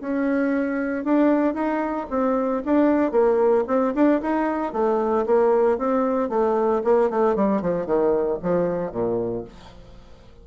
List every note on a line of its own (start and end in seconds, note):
0.00 1.04 C#4
1.04 1.53 D4
1.53 2.06 D#4
2.10 2.62 C4
2.65 3.11 D4
3.11 3.64 A#3
3.67 3.93 C4
3.94 4.21 D4
4.21 4.72 D#4
4.72 5.25 A3
5.25 5.78 A#3
5.78 6.29 C4
6.29 6.81 A3
6.83 7.10 A#3
7.10 7.35 A3
7.35 7.61 G3
7.61 7.85 F3
7.85 8.38 D#3
8.42 8.91 F3
8.91 9.44 A#2